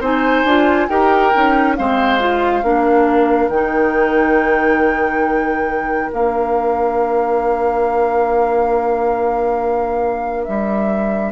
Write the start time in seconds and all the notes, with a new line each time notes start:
0.00 C4 D#4 C5 G#5
0.45 D4 F4
0.89 D#4 G4 A#4 G5
1.34 C#4 D#4
1.76 G#3 C4 C5 F5
2.20 F4
2.63 A#3 D4 A#4
3.49 D#3 D#4 G5
6.12 A#3 D4 F5
10.45 G3 E5